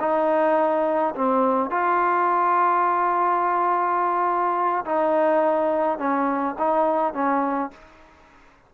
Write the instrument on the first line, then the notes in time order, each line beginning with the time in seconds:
trombone
0.00 D#4
1.15 C4
1.70 F4
4.85 D#4
5.98 C#4
6.58 D#4
7.14 C#4